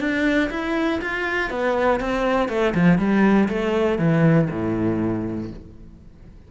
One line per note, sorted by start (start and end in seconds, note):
0.00 0.50 D4
0.50 1.00 E4
1.01 1.50 F4
1.50 2.00 B3
2.00 2.49 C4
2.49 2.74 A3
2.75 2.98 F3
2.98 3.48 G3
3.49 3.99 A3
3.99 4.49 E3
4.51 5.51 A2